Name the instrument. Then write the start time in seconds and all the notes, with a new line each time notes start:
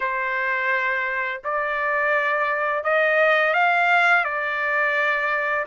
trumpet
0.00 C5
1.43 D5
2.83 D#5
3.53 F5
4.24 D5